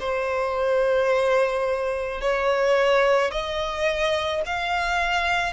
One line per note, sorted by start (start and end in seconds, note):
0.00 2.21 C5
2.21 3.31 C#5
3.31 4.42 D#5
4.46 5.54 F5